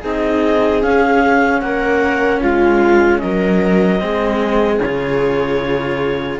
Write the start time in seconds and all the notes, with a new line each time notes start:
0.00 C4 D#4 G#4 D#5
0.81 C#4 F5
1.60 A#3 A#4 F#5
2.41 G#3 F4 F5
3.18 F#3 A#4 D#5
3.99 G#3 C4 G#4
4.79 C#3 C#5
4.85 F4